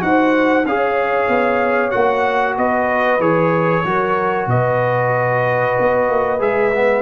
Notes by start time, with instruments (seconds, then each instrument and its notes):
0.00 tuba D#4, trombone F#4, horn C5, trumpet F#5
0.66 tuba C#4, trombone G#4, horn C#5, trumpet F5
1.29 tuba B3
1.91 tuba A#3, trombone F#4, trumpet F#5
2.57 tuba B3, horn B4, trumpet D#5
3.20 tuba E3, trombone G#4, trumpet C#5
3.86 tuba F#3, trombone F#4, horn A#4
4.47 tuba B2, horn B4, trumpet D#5
5.80 tuba B3
6.10 tuba A#3
6.40 tuba G#3, trombone G#4, trumpet E5
6.74 trombone B3